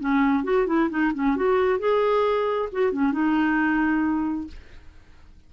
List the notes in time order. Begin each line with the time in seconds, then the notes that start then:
0.00 C#4
0.44 F#4
0.67 E4
0.90 D#4
1.14 C#4
1.36 F#4
1.79 G#4
2.73 F#4
2.92 C#4
3.12 D#4